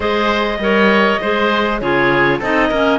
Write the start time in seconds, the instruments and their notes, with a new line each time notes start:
0.00 cello G#3, clarinet G#4 D#5, oboe C5
0.58 cello G3, clarinet A#4, oboe C#5
1.21 cello G#3, clarinet G#4, oboe C5
1.79 cello C#3, clarinet F4 C#5, oboe G#4
2.39 cello C4, clarinet D#4 D#5, oboe A4
2.69 cello A#3, clarinet C#4, oboe A#4